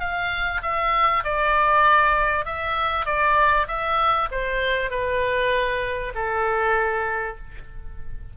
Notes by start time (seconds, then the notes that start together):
0.00 F5
0.62 E5
1.24 D5
2.45 E5
3.06 D5
3.68 E5
4.31 C5
4.91 B4
6.15 A4